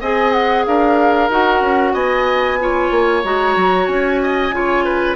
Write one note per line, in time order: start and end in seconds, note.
0.00 0.65 C4
0.00 1.30 G#4
0.00 0.65 D#5
0.00 0.32 G#5
0.32 0.64 F#5
0.65 1.29 D4
0.65 1.93 A#4
0.65 1.30 F5
1.29 1.61 D#4
1.29 2.59 F#4
1.29 1.94 F#5
1.61 1.93 C#4
1.93 2.90 B3
1.93 2.57 D#5
1.93 3.23 G#5
2.59 3.23 F4
2.59 4.22 C#5
2.90 3.23 A#3
3.23 3.56 G#3
3.23 4.51 F#4
3.23 3.86 A#5
3.56 3.87 F#3
3.86 4.51 C#4
3.86 5.15 G#5
4.22 4.54 D#5
4.51 5.15 C#3
4.51 5.15 F4
4.51 4.84 C#5
4.84 5.15 B4